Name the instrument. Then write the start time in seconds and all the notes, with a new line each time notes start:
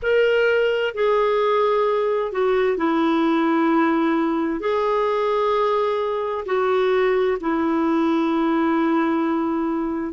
clarinet
0.02 A#4
0.94 G#4
2.32 F#4
2.77 E4
4.59 G#4
6.45 F#4
7.40 E4